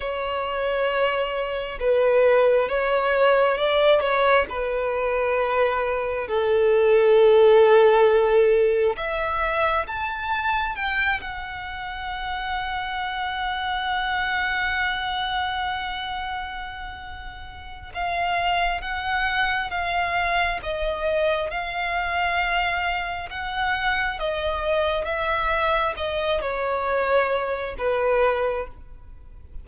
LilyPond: \new Staff \with { instrumentName = "violin" } { \time 4/4 \tempo 4 = 67 cis''2 b'4 cis''4 | d''8 cis''8 b'2 a'4~ | a'2 e''4 a''4 | g''8 fis''2.~ fis''8~ |
fis''1 | f''4 fis''4 f''4 dis''4 | f''2 fis''4 dis''4 | e''4 dis''8 cis''4. b'4 | }